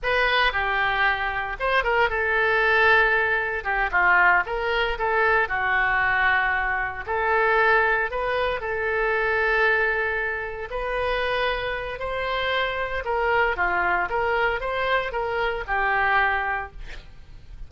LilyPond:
\new Staff \with { instrumentName = "oboe" } { \time 4/4 \tempo 4 = 115 b'4 g'2 c''8 ais'8 | a'2. g'8 f'8~ | f'8 ais'4 a'4 fis'4.~ | fis'4. a'2 b'8~ |
b'8 a'2.~ a'8~ | a'8 b'2~ b'8 c''4~ | c''4 ais'4 f'4 ais'4 | c''4 ais'4 g'2 | }